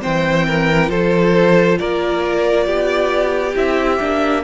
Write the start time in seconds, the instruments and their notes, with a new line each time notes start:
0.00 cello E3, viola C4, violin C5 G5
0.46 violin A#4
0.87 cello F3, viola F4, violin A4 C5
1.79 cello A#3, violin A#4 D5
2.66 cello B3, violin G4
3.55 cello C4, viola E4, violin E5
4.00 cello A#3, viola D4